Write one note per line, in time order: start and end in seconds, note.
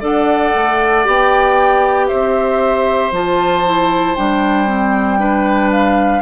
0.00 0.53 D4
0.00 1.04 A4
0.00 2.07 D5
0.00 1.07 F#5
0.55 1.06 A3
1.04 2.10 B3
1.04 3.11 G4
1.04 2.08 G5
2.08 3.11 C4
2.08 5.19 C5
2.08 3.11 E5
3.11 4.15 F3
3.11 3.64 F4
3.11 4.16 A5
3.65 4.17 E4
4.16 6.22 G3
4.16 4.67 D4
4.16 5.71 G5
4.67 5.19 C4
5.19 6.22 D4
5.19 6.22 B4
5.71 6.22 F5